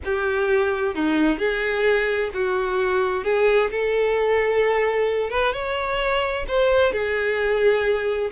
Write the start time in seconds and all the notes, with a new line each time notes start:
0.04 G4
0.94 D#4
1.38 G#4
2.33 F#4
3.24 G#4
3.70 A4
5.30 B4
5.52 C#5
6.48 C5
6.92 G#4